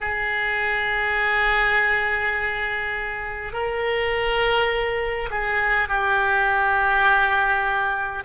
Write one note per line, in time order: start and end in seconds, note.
0.00 3.52 G#4
3.52 5.29 A#4
5.30 5.88 G#4
5.88 8.24 G4